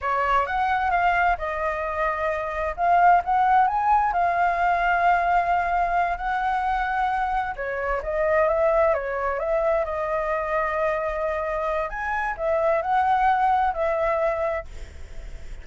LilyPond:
\new Staff \with { instrumentName = "flute" } { \time 4/4 \tempo 4 = 131 cis''4 fis''4 f''4 dis''4~ | dis''2 f''4 fis''4 | gis''4 f''2.~ | f''4. fis''2~ fis''8~ |
fis''8 cis''4 dis''4 e''4 cis''8~ | cis''8 e''4 dis''2~ dis''8~ | dis''2 gis''4 e''4 | fis''2 e''2 | }